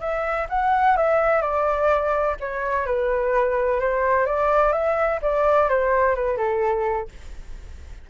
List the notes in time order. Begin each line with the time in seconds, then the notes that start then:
0.00 E5
0.49 F#5
0.97 E5
1.42 D5
2.40 C#5
2.86 B4
3.80 C5
4.26 D5
4.72 E5
5.22 D5
5.69 C5
6.15 B4
6.37 A4